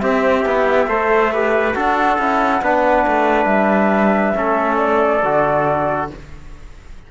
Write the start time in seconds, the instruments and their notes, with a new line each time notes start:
0.00 trombone C4, cello C4, trumpet G4, flute E5
0.46 cello B3, trombone E4
0.88 cello A3, trombone A4, trumpet C5
1.33 trombone G4, trumpet B4
1.75 cello D4, trombone F#4, trumpet A4, flute F#5
2.18 cello C#4, trombone E4
2.62 cello B3, trombone D4, trumpet B4
3.08 cello A3
3.45 cello G3, flute E5
4.35 cello A3, trombone C#4, trumpet A4
4.77 flute D5
5.24 cello D3, trombone F#4